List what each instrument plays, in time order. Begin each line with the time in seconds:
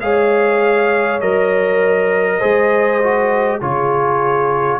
0.00 tuba G#3, trombone G#4, horn C#5, trumpet F5
1.20 tuba F#3, trombone A#4, trumpet D#5
2.38 tuba G#3, trombone G#4, horn C5
3.03 trombone F#4
3.60 tuba C#3, trombone F4, horn G#4, trumpet C#5